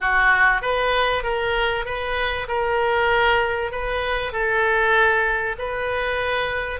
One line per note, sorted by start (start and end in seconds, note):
0.00 0.61 F#4
0.61 1.23 B4
1.23 1.85 A#4
1.85 2.47 B4
2.47 3.71 A#4
3.71 4.32 B4
4.32 5.56 A4
5.58 6.80 B4